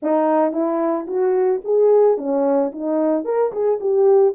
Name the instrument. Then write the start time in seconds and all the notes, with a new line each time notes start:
horn
0.02 D#4
0.52 E4
1.07 F#4
1.64 G#4
2.17 C#4
2.71 D#4
3.24 A#4
3.52 G#4
3.80 G4